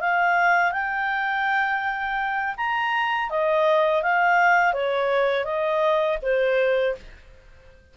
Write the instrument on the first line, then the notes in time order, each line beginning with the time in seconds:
clarinet
0.00 F5
0.72 G5
2.57 A#5
3.30 D#5
4.02 F5
4.73 C#5
5.45 D#5
6.22 C5